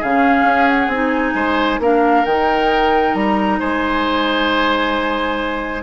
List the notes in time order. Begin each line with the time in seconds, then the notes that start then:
0.00 C#3 C#4 G#4 F5
0.44 C#4
0.68 F#5
0.88 C4 D#4 G#5
1.34 G#3 C5
1.79 A#3 D4 A#4 F5
2.25 D#3 D#4 G5
3.14 G3 A#5
3.60 G#3 C5 G#5